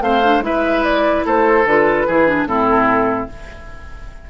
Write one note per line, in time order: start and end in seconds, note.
0.00 0.39 A3
0.00 0.22 C4
0.00 0.44 C5
0.00 0.43 F5
0.23 0.42 D4
0.39 1.21 G#3
0.39 1.64 E4
0.39 1.25 B4
0.39 0.83 E5
0.83 1.24 D5
1.25 1.64 A3
1.25 2.07 A4
1.25 1.67 C5
1.64 2.05 D3
1.64 2.08 F4
1.64 2.47 B4
2.07 2.45 E3
2.07 2.27 E4
2.07 2.48 G#4
2.27 2.47 D4
2.45 3.27 A2
2.45 3.29 C4
2.45 3.30 E4
2.45 3.29 A4